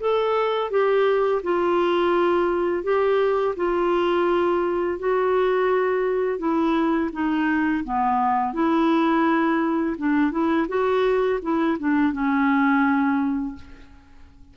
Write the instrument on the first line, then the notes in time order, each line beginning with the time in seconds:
clarinet
0.00 A4
0.70 G4
1.43 F4
2.84 G4
3.56 F4
4.99 F#4
6.39 E4
7.13 D#4
7.84 B3
8.53 E4
9.98 D4
10.31 E4
10.68 F#4
11.42 E4
11.79 D4
12.13 C#4